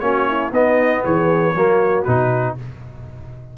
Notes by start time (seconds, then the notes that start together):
0.00 A#3 C#4 F#4 C#5
0.28 E4
0.52 B3 D#4 D#5
1.04 E3 G#4 C#5
1.55 F#3 A#3 F#4
2.04 B2 D#4 B4